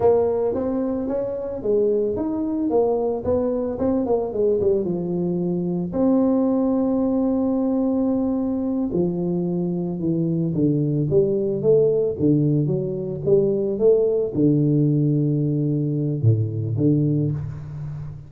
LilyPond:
\new Staff \with { instrumentName = "tuba" } { \time 4/4 \tempo 4 = 111 ais4 c'4 cis'4 gis4 | dis'4 ais4 b4 c'8 ais8 | gis8 g8 f2 c'4~ | c'1~ |
c'8 f2 e4 d8~ | d8 g4 a4 d4 fis8~ | fis8 g4 a4 d4.~ | d2 a,4 d4 | }